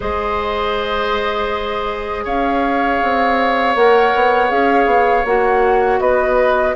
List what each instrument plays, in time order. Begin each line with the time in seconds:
0.00 bassoon G#3, clarinet G#4, oboe C5, flute D#5
2.24 bassoon C#4, oboe C#5, flute F5
3.02 bassoon C4
3.75 bassoon A#3, clarinet A#4, flute F#5
4.14 bassoon B3
4.48 bassoon C#4, clarinet G#4, flute F5
4.85 bassoon B3
5.24 bassoon A#3, clarinet F#4, flute F#5
5.99 bassoon B3, oboe B4, flute D#5